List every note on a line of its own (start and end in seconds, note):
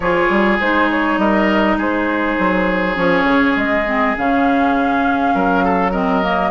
0.00 0.28 F3
0.00 0.61 F4
0.00 1.20 G#4
0.00 0.58 C#5
0.29 0.58 G3
0.59 1.17 G#3
0.59 2.95 D#4
0.59 0.89 C5
0.90 1.18 C#5
1.17 1.77 G3
1.17 1.77 A#4
1.17 1.77 D#5
1.77 2.36 G#3
1.77 5.33 G#4
1.77 2.96 C5
2.38 2.96 F#3
2.95 3.23 F3
2.95 3.84 C#4
2.95 3.56 C#5
3.23 3.53 C#3
3.56 4.15 G#3
3.56 4.16 D#5
3.86 4.16 C4
4.16 5.34 C#3
4.16 5.93 C#4
4.16 5.92 F5
5.34 6.50 F#3
5.34 5.64 A#4
5.64 5.91 A4
5.91 6.23 C4
5.91 6.50 A#4
5.91 6.50 D#5
6.23 6.50 A#3